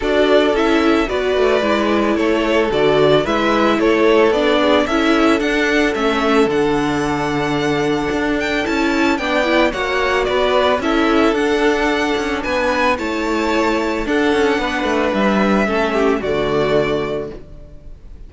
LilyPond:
<<
  \new Staff \with { instrumentName = "violin" } { \time 4/4 \tempo 4 = 111 d''4 e''4 d''2 | cis''4 d''4 e''4 cis''4 | d''4 e''4 fis''4 e''4 | fis''2.~ fis''8 g''8 |
a''4 g''4 fis''4 d''4 | e''4 fis''2 gis''4 | a''2 fis''2 | e''2 d''2 | }
  \new Staff \with { instrumentName = "violin" } { \time 4/4 a'2 b'2 | a'2 b'4 a'4~ | a'8 gis'8 a'2.~ | a'1~ |
a'4 d''4 cis''4 b'4 | a'2. b'4 | cis''2 a'4 b'4~ | b'4 a'8 g'8 fis'2 | }
  \new Staff \with { instrumentName = "viola" } { \time 4/4 fis'4 e'4 fis'4 e'4~ | e'4 fis'4 e'2 | d'4 e'4 d'4 cis'4 | d'1 |
e'4 d'8 e'8 fis'2 | e'4 d'2. | e'2 d'2~ | d'4 cis'4 a2 | }
  \new Staff \with { instrumentName = "cello" } { \time 4/4 d'4 cis'4 b8 a8 gis4 | a4 d4 gis4 a4 | b4 cis'4 d'4 a4 | d2. d'4 |
cis'4 b4 ais4 b4 | cis'4 d'4. cis'8 b4 | a2 d'8 cis'8 b8 a8 | g4 a4 d2 | }
>>